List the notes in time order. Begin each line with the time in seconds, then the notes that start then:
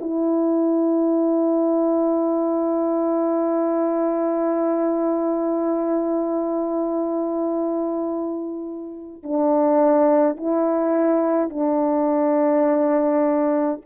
0.00 E4
9.23 D4
10.36 E4
11.49 D4